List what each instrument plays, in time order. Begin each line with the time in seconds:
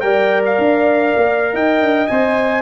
0.00 tuba G3, trombone A#4, horn D5, trumpet G5
0.45 trumpet F5
0.58 tuba D4
1.16 tuba A#3
1.53 tuba D#4, horn D#5, trumpet G5
1.80 tuba D4
2.07 tuba C4, trombone C5, trumpet G#5